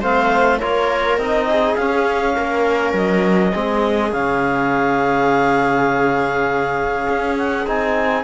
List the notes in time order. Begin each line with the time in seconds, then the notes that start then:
0.00 A3 C4 C5 F5
0.59 A#3 F4 A#4 C#5
1.17 C4 D#4 D#5
1.49 G#4
1.75 C#4 F5
2.36 A#3 A#4
2.93 F#3 D#5
3.53 G#3 C4 G#4
4.12 C#3 C#4 F5
7.09 C#4
7.37 F#5
7.67 C4 D#4 G#5